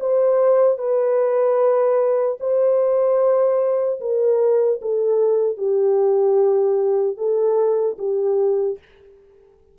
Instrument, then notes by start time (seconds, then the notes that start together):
horn
0.00 C5
0.78 B4
2.40 C5
4.01 A#4
4.81 A4
5.57 G4
7.17 A4
7.99 G4